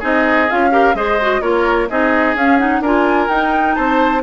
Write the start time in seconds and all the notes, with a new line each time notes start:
0.00 C4 D#4 G#4 D#5
0.50 C#4 F4 F5
0.71 G4 A#4
0.95 G#3 G#4 C5 D#5
1.21 F#4
1.42 A#3 F4 A#4 C#5
1.89 C4 D#4 G#4 D#5
2.35 C#4 F5
2.59 D#4 F#5
2.81 D4 F4 A#4 G#5
3.29 D#4 G5
3.75 C4 C5 A5